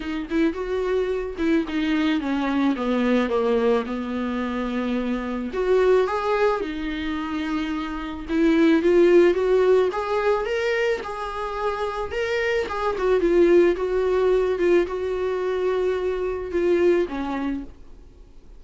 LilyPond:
\new Staff \with { instrumentName = "viola" } { \time 4/4 \tempo 4 = 109 dis'8 e'8 fis'4. e'8 dis'4 | cis'4 b4 ais4 b4~ | b2 fis'4 gis'4 | dis'2. e'4 |
f'4 fis'4 gis'4 ais'4 | gis'2 ais'4 gis'8 fis'8 | f'4 fis'4. f'8 fis'4~ | fis'2 f'4 cis'4 | }